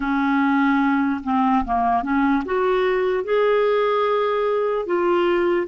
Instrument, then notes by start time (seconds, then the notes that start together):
clarinet
0.00 C#4
1.23 C4
1.64 A#3
2.02 C#4
2.45 F#4
3.24 G#4
4.86 F4